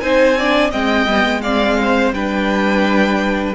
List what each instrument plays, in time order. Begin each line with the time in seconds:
0.00 cello C4, viola D#4, violin C5 G#5
0.38 viola D4, violin D5
0.70 cello G#3, viola C4, violin D#5 G5
1.07 cello G3, viola B3
1.24 cello G#3
1.42 viola C4, violin D5 F5
1.82 violin C5
2.12 cello G3, viola D4, violin B4 G5